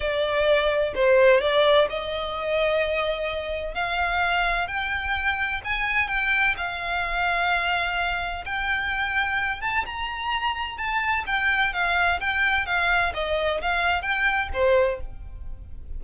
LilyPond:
\new Staff \with { instrumentName = "violin" } { \time 4/4 \tempo 4 = 128 d''2 c''4 d''4 | dis''1 | f''2 g''2 | gis''4 g''4 f''2~ |
f''2 g''2~ | g''8 a''8 ais''2 a''4 | g''4 f''4 g''4 f''4 | dis''4 f''4 g''4 c''4 | }